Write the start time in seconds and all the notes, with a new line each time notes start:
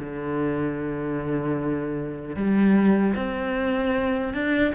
0.00 D3
2.36 G3
3.16 C4
4.34 D4